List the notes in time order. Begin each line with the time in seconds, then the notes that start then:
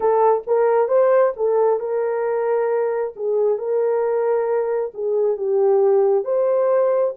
0.00 A4
0.46 A#4
0.88 C5
1.36 A4
1.79 A#4
3.15 G#4
3.57 A#4
4.93 G#4
5.36 G4
6.24 C5